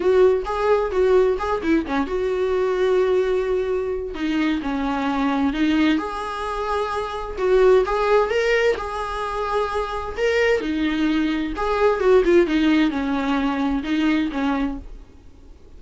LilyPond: \new Staff \with { instrumentName = "viola" } { \time 4/4 \tempo 4 = 130 fis'4 gis'4 fis'4 gis'8 e'8 | cis'8 fis'2.~ fis'8~ | fis'4 dis'4 cis'2 | dis'4 gis'2. |
fis'4 gis'4 ais'4 gis'4~ | gis'2 ais'4 dis'4~ | dis'4 gis'4 fis'8 f'8 dis'4 | cis'2 dis'4 cis'4 | }